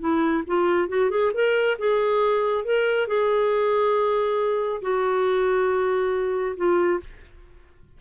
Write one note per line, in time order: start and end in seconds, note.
0.00 0.43 E4
0.47 0.89 F4
0.89 1.10 F#4
1.10 1.32 G#4
1.34 1.77 A#4
1.79 2.65 G#4
2.65 3.08 A#4
3.08 4.82 G#4
4.82 6.56 F#4
6.57 7.00 F4